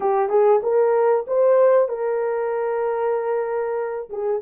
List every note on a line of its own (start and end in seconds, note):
0.00 0.29 G4
0.29 0.61 G#4
0.62 1.25 A#4
1.27 1.88 C5
1.88 4.09 A#4
4.09 4.41 G#4